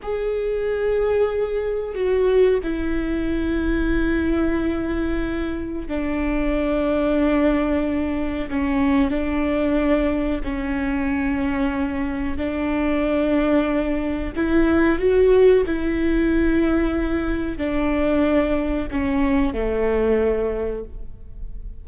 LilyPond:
\new Staff \with { instrumentName = "viola" } { \time 4/4 \tempo 4 = 92 gis'2. fis'4 | e'1~ | e'4 d'2.~ | d'4 cis'4 d'2 |
cis'2. d'4~ | d'2 e'4 fis'4 | e'2. d'4~ | d'4 cis'4 a2 | }